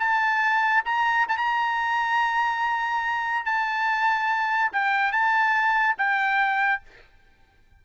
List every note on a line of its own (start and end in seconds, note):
0.00 0.84 A5
0.85 1.27 A#5
1.29 1.38 A5
1.38 3.46 A#5
3.46 4.72 A5
4.73 5.13 G5
5.13 5.97 A5
5.98 6.82 G5